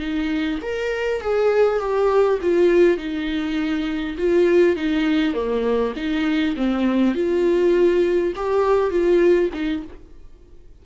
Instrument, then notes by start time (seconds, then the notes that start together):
viola
0.00 D#4
0.63 A#4
1.22 G#4
1.80 G4
2.42 F4
2.98 D#4
4.18 F4
4.77 D#4
5.34 A#3
5.96 D#4
6.57 C4
7.15 F4
8.36 G4
8.91 F4
9.54 D#4